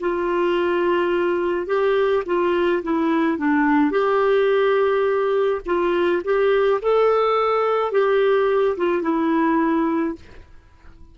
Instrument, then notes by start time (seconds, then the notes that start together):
clarinet
0.00 F4
1.66 G4
2.25 F4
2.83 E4
3.38 D4
3.91 G4
5.66 F4
6.24 G4
6.81 A4
7.91 G4
8.77 F4
9.02 E4